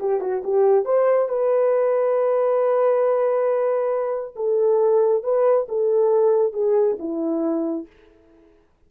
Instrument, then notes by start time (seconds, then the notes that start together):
horn
0.00 G4
0.21 F#4
0.44 G4
0.85 C5
1.29 B4
4.36 A4
5.23 B4
5.69 A4
6.53 G#4
6.99 E4